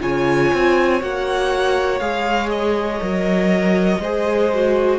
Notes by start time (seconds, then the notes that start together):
0.00 C#3 F4 C#5 G#5
0.53 C4
1.00 A#3 F#4 F#5
1.99 G#3 G#4 F5
2.50 D#5
3.00 F#3 A#4
3.99 G#3 G#4 C5
4.53 F#4